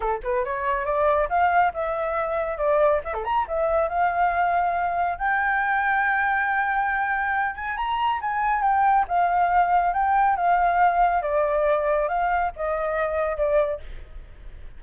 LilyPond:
\new Staff \with { instrumentName = "flute" } { \time 4/4 \tempo 4 = 139 a'8 b'8 cis''4 d''4 f''4 | e''2 d''4 e''16 a'16 ais''8 | e''4 f''2. | g''1~ |
g''4. gis''8 ais''4 gis''4 | g''4 f''2 g''4 | f''2 d''2 | f''4 dis''2 d''4 | }